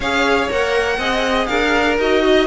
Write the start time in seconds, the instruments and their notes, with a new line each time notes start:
0.00 cello C#4, viola G#4, violin C#5 F5
0.49 cello A#3, viola A#4, violin F#5
0.98 cello C4, viola G#4, violin D#5
1.45 cello D4, violin A#4 F5
1.98 cello D#4, viola F#4, violin D#5
2.24 violin D#5